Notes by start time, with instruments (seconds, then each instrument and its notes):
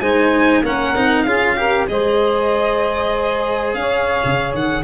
0.00 tuba G#3, cello D#4, saxophone C5, violin G#5
0.63 tuba A#3, cello C#4, saxophone A#4, violin F#5
0.96 tuba C4, cello D#4
1.23 tuba C#4, cello F4, saxophone G#4, violin F5
1.57 cello G4, saxophone A#4
1.87 tuba G#3, cello G#4, saxophone C5, violin D#5
3.74 tuba C#4, saxophone C#5, violin F5
4.25 tuba C#3
4.54 tuba D#3, violin F#5